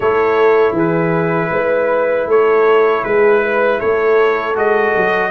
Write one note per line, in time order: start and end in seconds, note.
0.00 0.72 A3
0.00 4.54 E4
0.00 0.74 A4
0.00 0.76 C#5
0.72 1.48 E3
0.72 1.50 G#4
0.72 2.29 B4
1.50 2.26 G#3
1.50 2.28 B4
2.26 3.02 A3
2.26 3.04 A4
2.26 3.04 C#5
3.03 3.79 G#3
3.03 3.42 G#4
3.03 3.79 B4
3.42 3.79 B4
3.79 4.55 A3
3.79 5.30 A4
3.79 4.55 C#5
4.54 4.93 G#3
4.54 5.30 F#4
4.54 5.30 D#5
4.96 5.30 F#3